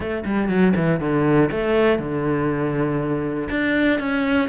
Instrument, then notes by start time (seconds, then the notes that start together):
cello
0.00 A3
0.25 G3
0.48 F#3
0.76 E3
1.00 D3
1.51 A3
1.99 D3
3.50 D4
3.99 C#4